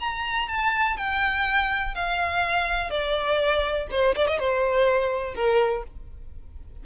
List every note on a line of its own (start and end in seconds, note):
0.00 0.49 A#5
0.49 0.97 A5
0.97 1.95 G5
1.95 2.91 F5
2.91 3.88 D5
3.91 4.16 C5
4.16 4.28 D5
4.28 4.39 D#5
4.39 5.35 C5
5.35 5.84 A#4